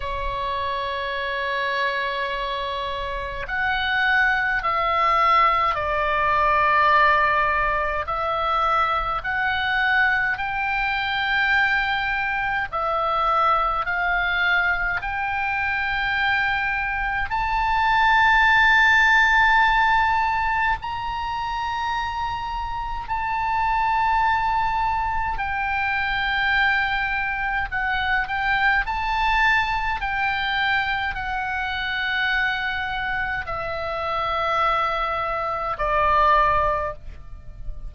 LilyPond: \new Staff \with { instrumentName = "oboe" } { \time 4/4 \tempo 4 = 52 cis''2. fis''4 | e''4 d''2 e''4 | fis''4 g''2 e''4 | f''4 g''2 a''4~ |
a''2 ais''2 | a''2 g''2 | fis''8 g''8 a''4 g''4 fis''4~ | fis''4 e''2 d''4 | }